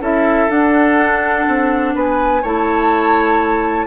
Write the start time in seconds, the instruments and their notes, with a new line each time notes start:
0.00 bassoon C#4, clarinet E4, oboe A4, flute E5
0.49 clarinet D4, bassoon D4, flute F#5
1.48 bassoon C4
1.95 bassoon B3, oboe B4, flute G#5
2.42 bassoon A3, clarinet E4, oboe C#5, flute A5